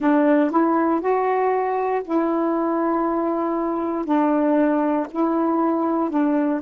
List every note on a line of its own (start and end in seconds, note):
0.00 0.50 D4
0.50 1.00 E4
1.00 2.02 F#4
2.04 4.04 E4
4.04 5.06 D4
5.10 6.10 E4
6.10 6.61 D4